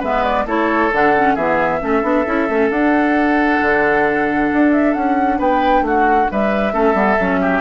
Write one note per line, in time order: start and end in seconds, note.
0.00 0.46 G#3
0.00 0.47 B3
0.00 0.45 B4
0.00 0.24 E5
0.24 0.47 D5
0.46 0.91 A3
0.46 0.92 E4
0.46 1.34 A4
0.46 0.93 C#5
0.93 1.36 D3
0.93 1.16 D4
0.93 1.36 F#5
1.16 1.38 C#4
1.34 1.81 E3
1.34 1.81 B3
1.34 1.79 G#4
1.34 2.70 E5
1.81 2.03 A3
1.81 2.03 C#4
1.81 5.38 A4
2.03 2.25 B3
2.03 2.25 D4
2.26 2.49 C#4
2.26 2.49 E4
2.49 2.70 A3
2.49 2.72 C#4
2.70 3.60 D4
2.70 6.73 D4
2.70 4.72 F#5
3.62 4.51 D3
4.53 4.96 D4
4.72 4.94 E5
4.94 5.39 C#4
4.94 5.39 F#5
5.38 5.82 B3
5.38 5.83 B4
5.38 5.86 G5
5.82 6.27 A3
5.82 6.32 F#4
5.82 6.31 F#5
6.32 6.73 G3
6.32 6.74 B4
6.32 7.61 E5
6.73 6.95 A3
6.73 6.95 C#4
6.73 7.41 A4
6.95 7.17 G3
6.95 7.17 B3
7.20 7.61 F#3
7.20 7.61 C#4
7.41 7.61 G4